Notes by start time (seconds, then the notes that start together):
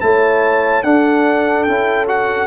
0.00 A3 E4 C#5 A5
0.83 D4 A4 F#5
1.64 C#4 E4 G5
2.07 F#4 F#5